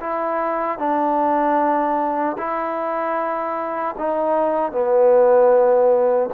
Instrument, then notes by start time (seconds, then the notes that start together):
trombone
0.00 E4
0.79 D4
2.38 E4
3.98 D#4
4.72 B3